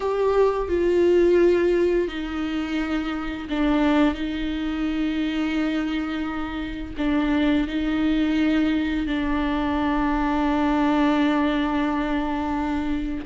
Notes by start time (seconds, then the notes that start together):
0.00 G4
0.68 F4
2.07 D#4
3.49 D4
4.14 D#4
6.97 D4
7.67 D#4
9.06 D4